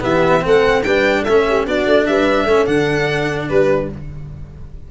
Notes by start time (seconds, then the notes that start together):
0.00 E3 B3 G4 E5
0.41 A3 C4 A4
0.48 F#5
0.83 G3 D4 B4 G5
1.22 A3 C#4 A4 E5
1.48 G4
1.66 B3 D4 F#4 D5
1.86 A3
2.06 G3 B4 E5
2.44 A3 C#4 A4
2.66 D3 D4 F#5
3.49 G3 G4 B4